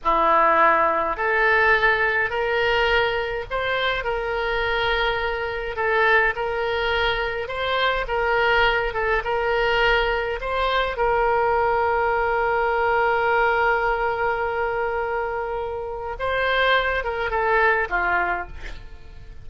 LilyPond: \new Staff \with { instrumentName = "oboe" } { \time 4/4 \tempo 4 = 104 e'2 a'2 | ais'2 c''4 ais'4~ | ais'2 a'4 ais'4~ | ais'4 c''4 ais'4. a'8 |
ais'2 c''4 ais'4~ | ais'1~ | ais'1 | c''4. ais'8 a'4 f'4 | }